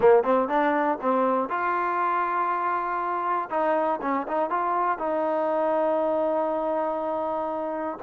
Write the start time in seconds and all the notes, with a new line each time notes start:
0.00 A#3
0.23 C4
0.48 D4
1.01 C4
1.49 F4
3.50 D#4
4.01 C#4
4.27 D#4
4.50 F4
4.98 D#4